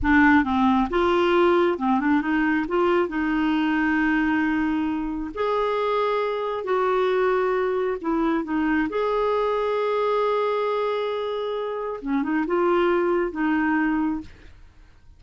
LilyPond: \new Staff \with { instrumentName = "clarinet" } { \time 4/4 \tempo 4 = 135 d'4 c'4 f'2 | c'8 d'8 dis'4 f'4 dis'4~ | dis'1 | gis'2. fis'4~ |
fis'2 e'4 dis'4 | gis'1~ | gis'2. cis'8 dis'8 | f'2 dis'2 | }